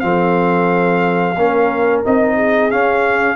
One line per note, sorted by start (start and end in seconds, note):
0.00 1.36 F3
0.00 1.35 C4
0.00 1.38 A4
0.00 2.00 F5
1.36 2.03 A#3
1.36 2.04 C#4
1.36 2.34 A#4
2.04 2.71 C4
2.04 2.71 D#4
2.04 2.71 D#5
2.34 3.34 G#4
2.71 3.36 C#4
2.71 3.36 F5